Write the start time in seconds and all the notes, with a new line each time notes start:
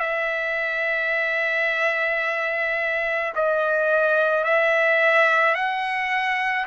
0.00 E5
3.35 D#5
4.44 E5
5.55 F#5